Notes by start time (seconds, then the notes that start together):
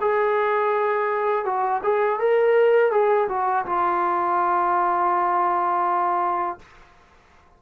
0.00 G#4
1.45 F#4
1.83 G#4
2.19 A#4
2.91 G#4
3.28 F#4
3.66 F4